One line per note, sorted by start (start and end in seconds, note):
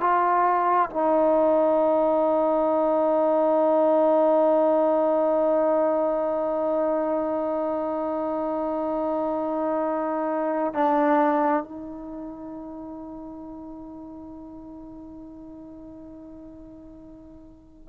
0.00 0.90 F4
0.90 10.74 D#4
10.74 11.63 D4
11.63 17.89 D#4